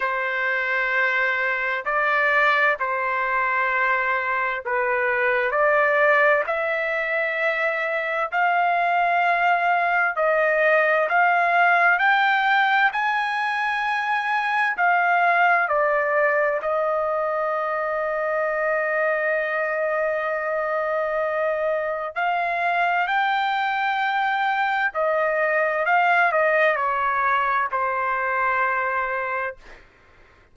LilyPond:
\new Staff \with { instrumentName = "trumpet" } { \time 4/4 \tempo 4 = 65 c''2 d''4 c''4~ | c''4 b'4 d''4 e''4~ | e''4 f''2 dis''4 | f''4 g''4 gis''2 |
f''4 d''4 dis''2~ | dis''1 | f''4 g''2 dis''4 | f''8 dis''8 cis''4 c''2 | }